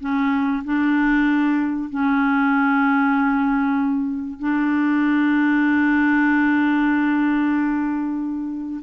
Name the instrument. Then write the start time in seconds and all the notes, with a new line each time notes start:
clarinet
0.00 C#4
0.64 D4
1.89 C#4
4.39 D4